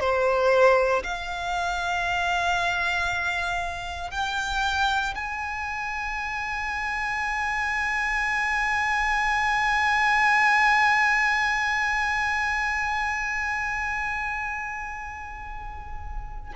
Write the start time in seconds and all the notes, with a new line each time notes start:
0.00 C5
1.04 F5
4.11 G5
5.15 G#5